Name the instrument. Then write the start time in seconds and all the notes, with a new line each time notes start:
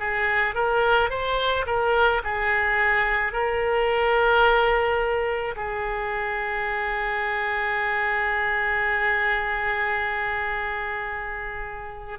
oboe
0.00 G#4
0.55 A#4
1.10 C5
1.67 A#4
2.24 G#4
3.33 A#4
5.57 G#4